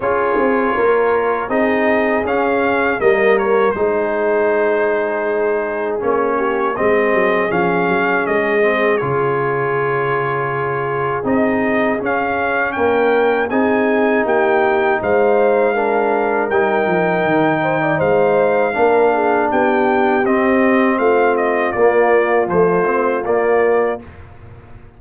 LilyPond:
<<
  \new Staff \with { instrumentName = "trumpet" } { \time 4/4 \tempo 4 = 80 cis''2 dis''4 f''4 | dis''8 cis''8 c''2. | cis''4 dis''4 f''4 dis''4 | cis''2. dis''4 |
f''4 g''4 gis''4 g''4 | f''2 g''2 | f''2 g''4 dis''4 | f''8 dis''8 d''4 c''4 d''4 | }
  \new Staff \with { instrumentName = "horn" } { \time 4/4 gis'4 ais'4 gis'2 | ais'4 gis'2.~ | gis'8 g'8 gis'2.~ | gis'1~ |
gis'4 ais'4 gis'4 g'4 | c''4 ais'2~ ais'8 c''16 d''16 | c''4 ais'8 gis'8 g'2 | f'1 | }
  \new Staff \with { instrumentName = "trombone" } { \time 4/4 f'2 dis'4 cis'4 | ais4 dis'2. | cis'4 c'4 cis'4. c'8 | f'2. dis'4 |
cis'2 dis'2~ | dis'4 d'4 dis'2~ | dis'4 d'2 c'4~ | c'4 ais4 f8 c'8 ais4 | }
  \new Staff \with { instrumentName = "tuba" } { \time 4/4 cis'8 c'8 ais4 c'4 cis'4 | g4 gis2. | ais4 gis8 fis8 f8 fis8 gis4 | cis2. c'4 |
cis'4 ais4 c'4 ais4 | gis2 g8 f8 dis4 | gis4 ais4 b4 c'4 | a4 ais4 a4 ais4 | }
>>